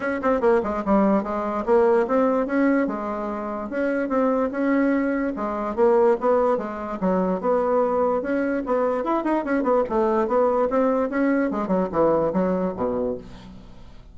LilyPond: \new Staff \with { instrumentName = "bassoon" } { \time 4/4 \tempo 4 = 146 cis'8 c'8 ais8 gis8 g4 gis4 | ais4 c'4 cis'4 gis4~ | gis4 cis'4 c'4 cis'4~ | cis'4 gis4 ais4 b4 |
gis4 fis4 b2 | cis'4 b4 e'8 dis'8 cis'8 b8 | a4 b4 c'4 cis'4 | gis8 fis8 e4 fis4 b,4 | }